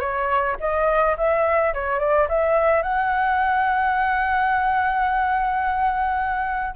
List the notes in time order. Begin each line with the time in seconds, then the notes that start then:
0.00 C#5
0.60 D#5
1.17 E5
1.74 C#5
2.00 D5
2.29 E5
2.82 F#5